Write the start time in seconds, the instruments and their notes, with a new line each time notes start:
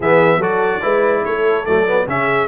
0.00 tuba E3, trombone B3, horn G#4, trumpet E5
0.37 tuba F#3, trombone F#4, horn A4, trumpet D5
0.81 tuba G#3, trombone E4, horn B4
1.25 tuba A3, horn A4, trumpet C#5
1.65 tuba F#3, trombone A3, trumpet D5
1.86 trombone B3
2.06 tuba C#3, trombone C#4, horn G#4, trumpet E5